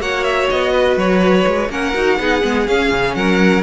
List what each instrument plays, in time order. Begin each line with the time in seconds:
0.00 cello A#3, viola F#4, violin C#5 F#5
0.24 violin E5
0.50 cello B3, violin D#5
0.72 violin B4
0.97 cello F#3, violin C#5
1.47 cello G#3
1.69 cello A#3, viola C#4, violin A#4 F#5
1.95 cello D#4, viola F#4
2.19 cello B3, viola D#4, violin G#4
2.42 cello G#3, viola B3
2.67 viola C#4, cello C#4, violin F5
2.92 cello C#3
3.15 cello F#3, violin A#4 F#5